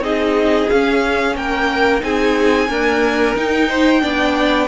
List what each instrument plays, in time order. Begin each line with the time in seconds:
0.00 cello C4, viola D#4, violin G#4 D#5
0.70 viola C#4, cello C#4, violin F5
1.36 cello A#3, violin A#4 G5
2.01 cello C4, viola D#4, violin G#4 G#5
2.69 viola A#3, cello D4, violin A#4
3.36 viola D#4, cello D#4, violin G5
3.68 violin C5
4.01 cello B3, viola D4, violin D5